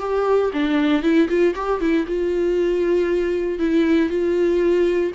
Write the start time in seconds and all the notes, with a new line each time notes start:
0.00 G4
0.53 D4
1.03 E4
1.29 F4
1.55 G4
1.81 E4
2.07 F4
3.59 E4
4.10 F4